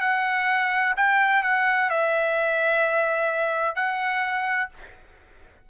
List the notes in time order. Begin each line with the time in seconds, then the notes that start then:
0.00 F#5
0.97 G5
1.43 F#5
1.90 E5
3.75 F#5